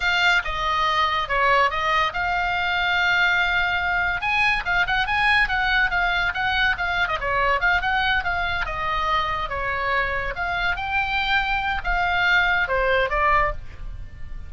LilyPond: \new Staff \with { instrumentName = "oboe" } { \time 4/4 \tempo 4 = 142 f''4 dis''2 cis''4 | dis''4 f''2.~ | f''2 gis''4 f''8 fis''8 | gis''4 fis''4 f''4 fis''4 |
f''8. dis''16 cis''4 f''8 fis''4 f''8~ | f''8 dis''2 cis''4.~ | cis''8 f''4 g''2~ g''8 | f''2 c''4 d''4 | }